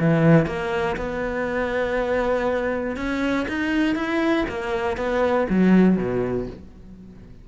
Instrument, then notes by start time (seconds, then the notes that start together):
cello
0.00 E3
0.46 A#3
0.97 B3
2.97 C#4
3.48 D#4
3.95 E4
4.49 A#3
4.97 B3
5.49 F#3
5.97 B2